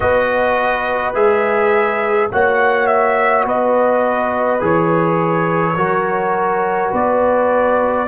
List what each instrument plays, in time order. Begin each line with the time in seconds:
0.00 tuba B3, trombone F#4, horn B4, trumpet D#5
1.14 tuba G#3, trombone G#4, trumpet E5
2.31 tuba A#3, trombone F#4, horn C#5, trumpet F#5
2.86 trumpet E5
3.44 tuba B3, horn B4, trumpet D#5
4.59 tuba E3, trombone G#4, trumpet C#5
5.76 tuba F#3, trombone F#4, horn A#4
6.91 tuba B3, horn B4, trumpet D5